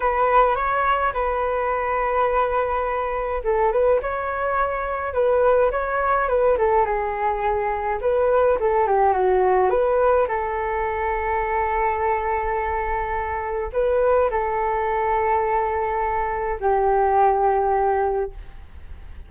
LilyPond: \new Staff \with { instrumentName = "flute" } { \time 4/4 \tempo 4 = 105 b'4 cis''4 b'2~ | b'2 a'8 b'8 cis''4~ | cis''4 b'4 cis''4 b'8 a'8 | gis'2 b'4 a'8 g'8 |
fis'4 b'4 a'2~ | a'1 | b'4 a'2.~ | a'4 g'2. | }